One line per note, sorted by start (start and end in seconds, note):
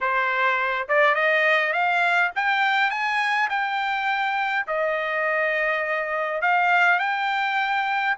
0.00 0.88 C5
0.88 1.14 D5
1.14 1.72 D#5
1.72 2.31 F5
2.35 2.90 G5
2.90 3.48 G#5
3.49 4.65 G5
4.67 6.41 D#5
6.41 6.99 F5
6.99 8.15 G5